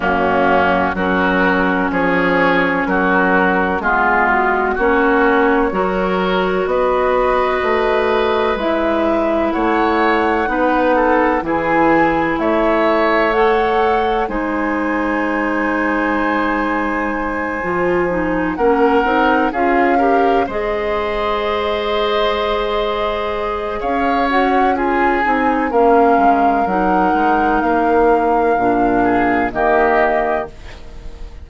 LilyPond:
<<
  \new Staff \with { instrumentName = "flute" } { \time 4/4 \tempo 4 = 63 fis'4 ais'4 cis''4 ais'4 | gis'8 fis'8 cis''2 dis''4~ | dis''4 e''4 fis''2 | gis''4 e''4 fis''4 gis''4~ |
gis''2.~ gis''8 fis''8~ | fis''8 f''4 dis''2~ dis''8~ | dis''4 f''8 fis''8 gis''4 f''4 | fis''4 f''2 dis''4 | }
  \new Staff \with { instrumentName = "oboe" } { \time 4/4 cis'4 fis'4 gis'4 fis'4 | f'4 fis'4 ais'4 b'4~ | b'2 cis''4 b'8 a'8 | gis'4 cis''2 c''4~ |
c''2.~ c''8 ais'8~ | ais'8 gis'8 ais'8 c''2~ c''8~ | c''4 cis''4 gis'4 ais'4~ | ais'2~ ais'8 gis'8 g'4 | }
  \new Staff \with { instrumentName = "clarinet" } { \time 4/4 ais4 cis'2. | b4 cis'4 fis'2~ | fis'4 e'2 dis'4 | e'2 a'4 dis'4~ |
dis'2~ dis'8 f'8 dis'8 cis'8 | dis'8 f'8 g'8 gis'2~ gis'8~ | gis'4. fis'8 f'8 dis'8 cis'4 | dis'2 d'4 ais4 | }
  \new Staff \with { instrumentName = "bassoon" } { \time 4/4 fis,4 fis4 f4 fis4 | gis4 ais4 fis4 b4 | a4 gis4 a4 b4 | e4 a2 gis4~ |
gis2~ gis8 f4 ais8 | c'8 cis'4 gis2~ gis8~ | gis4 cis'4. c'8 ais8 gis8 | fis8 gis8 ais4 ais,4 dis4 | }
>>